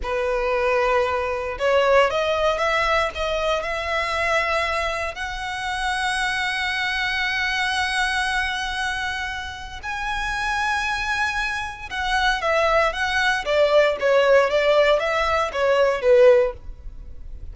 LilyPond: \new Staff \with { instrumentName = "violin" } { \time 4/4 \tempo 4 = 116 b'2. cis''4 | dis''4 e''4 dis''4 e''4~ | e''2 fis''2~ | fis''1~ |
fis''2. gis''4~ | gis''2. fis''4 | e''4 fis''4 d''4 cis''4 | d''4 e''4 cis''4 b'4 | }